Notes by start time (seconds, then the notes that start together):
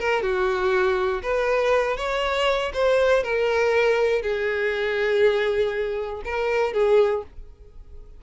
0.00 A#4
0.22 F#4
1.23 B4
1.97 C#5
2.74 C5
3.24 A#4
4.22 G#4
6.25 A#4
6.73 G#4